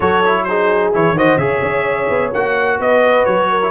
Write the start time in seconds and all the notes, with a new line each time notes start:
0.00 F#3 F#4 A4 C#5
0.25 E4
0.44 D#4 G#4 C5
0.93 E3 E4 C#5
1.12 D#3 F#4 C5 D#5
1.37 C#3 G#4 C#5 E5
1.61 C#4
2.09 B3
2.33 A#3 F#4 F#5
2.79 B3 B4 D#5
3.25 F#3 C#5
3.50 A#4
3.62 E4